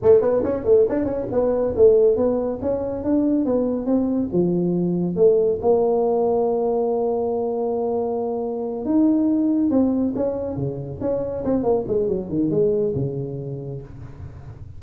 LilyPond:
\new Staff \with { instrumentName = "tuba" } { \time 4/4 \tempo 4 = 139 a8 b8 cis'8 a8 d'8 cis'8 b4 | a4 b4 cis'4 d'4 | b4 c'4 f2 | a4 ais2.~ |
ais1~ | ais8 dis'2 c'4 cis'8~ | cis'8 cis4 cis'4 c'8 ais8 gis8 | fis8 dis8 gis4 cis2 | }